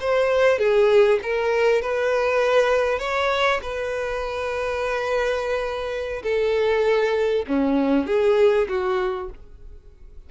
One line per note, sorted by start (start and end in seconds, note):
0.00 0.59 C5
0.59 1.20 G#4
1.23 1.82 A#4
1.82 2.99 B4
2.99 3.60 C#5
3.62 6.23 B4
6.23 7.46 A4
7.48 8.07 C#4
8.07 8.68 G#4
8.69 9.30 F#4